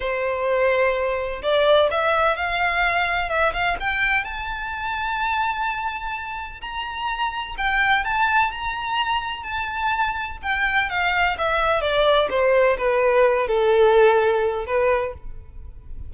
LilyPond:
\new Staff \with { instrumentName = "violin" } { \time 4/4 \tempo 4 = 127 c''2. d''4 | e''4 f''2 e''8 f''8 | g''4 a''2.~ | a''2 ais''2 |
g''4 a''4 ais''2 | a''2 g''4 f''4 | e''4 d''4 c''4 b'4~ | b'8 a'2~ a'8 b'4 | }